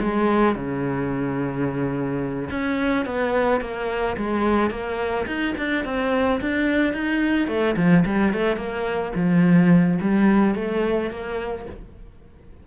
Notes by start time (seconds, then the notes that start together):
0.00 G#3
0.55 C#3
2.50 C#4
3.05 B3
3.61 A#3
4.17 G#3
4.70 A#3
5.26 D#4
5.57 D4
5.85 C4
6.41 D4
6.93 D#4
7.47 A3
7.76 F3
8.05 G3
8.33 A3
8.56 A#3
9.15 F3
10.01 G3
10.55 A3
11.10 A#3